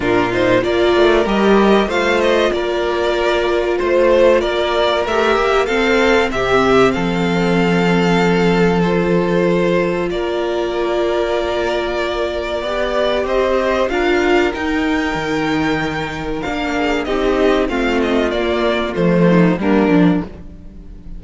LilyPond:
<<
  \new Staff \with { instrumentName = "violin" } { \time 4/4 \tempo 4 = 95 ais'8 c''8 d''4 dis''4 f''8 dis''8 | d''2 c''4 d''4 | e''4 f''4 e''4 f''4~ | f''2 c''2 |
d''1~ | d''4 dis''4 f''4 g''4~ | g''2 f''4 dis''4 | f''8 dis''8 d''4 c''4 ais'4 | }
  \new Staff \with { instrumentName = "violin" } { \time 4/4 f'4 ais'2 c''4 | ais'2 c''4 ais'4~ | ais'4 a'4 g'4 a'4~ | a'1 |
ais'1 | d''4 c''4 ais'2~ | ais'2~ ais'8 gis'8 g'4 | f'2~ f'8 dis'8 d'4 | }
  \new Staff \with { instrumentName = "viola" } { \time 4/4 d'8 dis'8 f'4 g'4 f'4~ | f'1 | g'4 c'2.~ | c'2 f'2~ |
f'1 | g'2 f'4 dis'4~ | dis'2 d'4 dis'4 | c'4 ais4 a4 ais8 d'8 | }
  \new Staff \with { instrumentName = "cello" } { \time 4/4 ais,4 ais8 a8 g4 a4 | ais2 a4 ais4 | a8 ais8 c'4 c4 f4~ | f1 |
ais1 | b4 c'4 d'4 dis'4 | dis2 ais4 c'4 | a4 ais4 f4 g8 f8 | }
>>